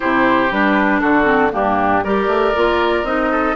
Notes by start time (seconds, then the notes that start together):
0.00 C3 E4 G4 C5
0.51 G3 D4 B4
1.00 D3 F#4 A4
1.24 C4
1.51 G2 A#3 D4 G4
2.04 G3 G4 A#4 D5
2.27 A3
2.55 A#3 F4
3.03 C4 D#4 D#5
3.31 A4